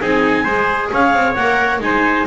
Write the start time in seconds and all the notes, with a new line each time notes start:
0.00 C4 D#4 G#4 G#5
0.44 G#3 G#4 C5
0.92 C#4 C#5 F5
1.14 C4
1.35 A#3 A#4 F#5
1.80 G#3 D#4 C5 G#5